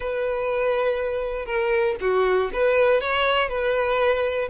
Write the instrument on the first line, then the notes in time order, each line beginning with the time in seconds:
violin
0.00 B4
1.45 A#4
2.00 F#4
2.53 B4
3.00 C#5
3.49 B4